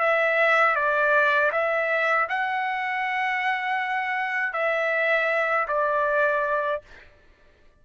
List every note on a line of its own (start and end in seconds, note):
0.00 0.75 E5
0.75 1.51 D5
1.52 2.28 E5
2.29 4.53 F#5
4.53 5.67 E5
5.68 6.82 D5